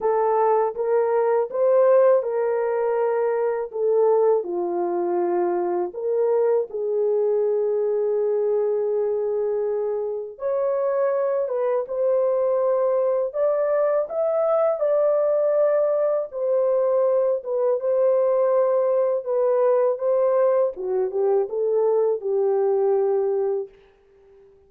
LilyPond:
\new Staff \with { instrumentName = "horn" } { \time 4/4 \tempo 4 = 81 a'4 ais'4 c''4 ais'4~ | ais'4 a'4 f'2 | ais'4 gis'2.~ | gis'2 cis''4. b'8 |
c''2 d''4 e''4 | d''2 c''4. b'8 | c''2 b'4 c''4 | fis'8 g'8 a'4 g'2 | }